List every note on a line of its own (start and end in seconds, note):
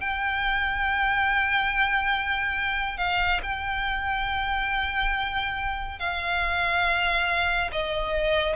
0.00 2.97 G5
2.97 3.40 F5
3.42 5.99 G5
5.99 7.70 F5
7.71 8.56 D#5